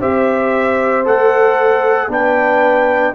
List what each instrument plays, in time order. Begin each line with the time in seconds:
0.00 tuba C4, trombone G4, horn C5, trumpet E5
1.05 tuba A3, trombone A4, trumpet F#5
2.08 tuba B3, trombone D4, horn B4, trumpet G5